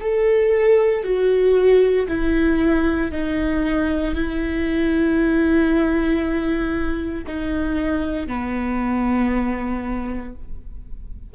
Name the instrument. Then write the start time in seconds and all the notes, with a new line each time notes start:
viola
0.00 A4
1.03 F#4
2.08 E4
3.11 D#4
4.15 E4
7.26 D#4
8.27 B3